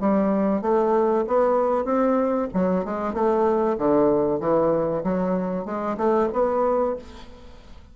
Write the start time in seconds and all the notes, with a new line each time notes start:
0.00 G3
0.61 A3
1.27 B3
1.85 C4
2.53 F#3
2.84 G#3
3.13 A3
3.78 D3
4.40 E3
5.04 F#3
5.65 G#3
5.97 A3
6.33 B3